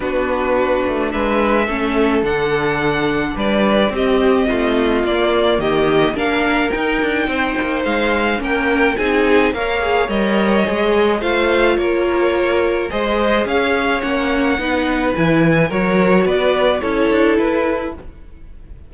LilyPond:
<<
  \new Staff \with { instrumentName = "violin" } { \time 4/4 \tempo 4 = 107 b'2 e''2 | fis''2 d''4 dis''4~ | dis''4 d''4 dis''4 f''4 | g''2 f''4 g''4 |
gis''4 f''4 dis''2 | f''4 cis''2 dis''4 | f''4 fis''2 gis''4 | cis''4 d''4 cis''4 b'4 | }
  \new Staff \with { instrumentName = "violin" } { \time 4/4 fis'2 b'4 a'4~ | a'2 b'4 g'4 | f'2 g'4 ais'4~ | ais'4 c''2 ais'4 |
gis'4 cis''2. | c''4 ais'2 c''4 | cis''2 b'2 | ais'4 b'4 a'2 | }
  \new Staff \with { instrumentName = "viola" } { \time 4/4 d'2. cis'4 | d'2. c'4~ | c'4 ais2 d'4 | dis'2. cis'4 |
dis'4 ais'8 gis'8 ais'4 gis'4 | f'2. gis'4~ | gis'4 cis'4 dis'4 e'4 | fis'2 e'2 | }
  \new Staff \with { instrumentName = "cello" } { \time 4/4 b4. a8 gis4 a4 | d2 g4 c'4 | a4 ais4 dis4 ais4 | dis'8 d'8 c'8 ais8 gis4 ais4 |
c'4 ais4 g4 gis4 | a4 ais2 gis4 | cis'4 ais4 b4 e4 | fis4 b4 cis'8 d'8 e'4 | }
>>